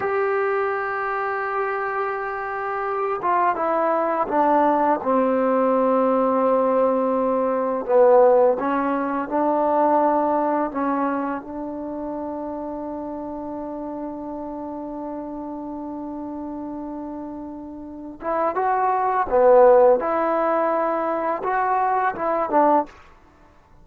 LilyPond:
\new Staff \with { instrumentName = "trombone" } { \time 4/4 \tempo 4 = 84 g'1~ | g'8 f'8 e'4 d'4 c'4~ | c'2. b4 | cis'4 d'2 cis'4 |
d'1~ | d'1~ | d'4. e'8 fis'4 b4 | e'2 fis'4 e'8 d'8 | }